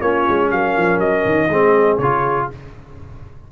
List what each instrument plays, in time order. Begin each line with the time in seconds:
0.00 tuba A#3, trombone C#4, horn F4, trumpet C#5
0.29 tuba G#3
0.51 tuba F#3, horn A#4, trumpet F5
0.77 tuba F3
0.99 tuba F#3, trumpet D#5
1.25 tuba D#3
1.49 tuba G#3, trombone C4, horn G#4
1.98 tuba C#3, trombone F4, trumpet C#5